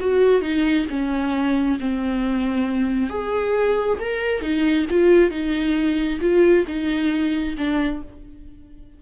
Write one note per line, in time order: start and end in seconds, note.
0.00 0.42 F#4
0.42 0.86 D#4
0.90 1.79 C#4
1.80 3.10 C4
3.10 3.99 G#4
4.00 4.42 A#4
4.42 4.86 D#4
4.90 5.31 F4
5.31 6.19 D#4
6.21 6.65 F4
6.67 7.56 D#4
7.58 8.02 D4